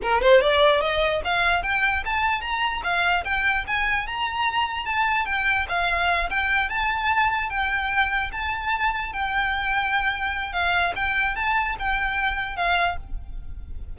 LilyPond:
\new Staff \with { instrumentName = "violin" } { \time 4/4 \tempo 4 = 148 ais'8 c''8 d''4 dis''4 f''4 | g''4 a''4 ais''4 f''4 | g''4 gis''4 ais''2 | a''4 g''4 f''4. g''8~ |
g''8 a''2 g''4.~ | g''8 a''2 g''4.~ | g''2 f''4 g''4 | a''4 g''2 f''4 | }